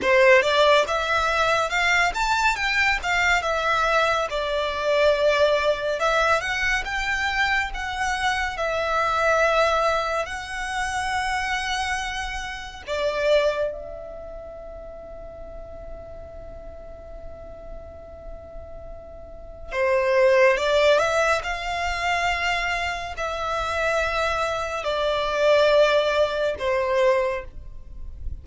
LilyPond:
\new Staff \with { instrumentName = "violin" } { \time 4/4 \tempo 4 = 70 c''8 d''8 e''4 f''8 a''8 g''8 f''8 | e''4 d''2 e''8 fis''8 | g''4 fis''4 e''2 | fis''2. d''4 |
e''1~ | e''2. c''4 | d''8 e''8 f''2 e''4~ | e''4 d''2 c''4 | }